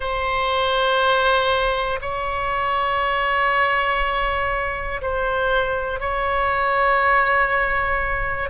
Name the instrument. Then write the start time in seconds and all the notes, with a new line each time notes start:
oboe
0.00 C5
2.01 C#5
5.01 C5
6.00 C#5